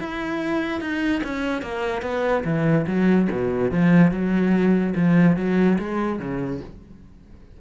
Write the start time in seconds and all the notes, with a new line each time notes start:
0.00 E4
0.81 D#4
1.24 C#4
1.63 A#3
2.03 B3
2.45 E3
2.87 F#3
3.32 B2
3.71 F3
4.12 F#3
4.95 F3
5.37 F#3
5.79 G#3
6.20 C#3